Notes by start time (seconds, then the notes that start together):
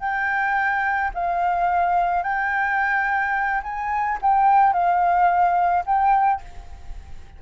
0.00 G5
1.14 F5
2.23 G5
3.63 G#5
4.22 G5
4.73 F5
5.86 G5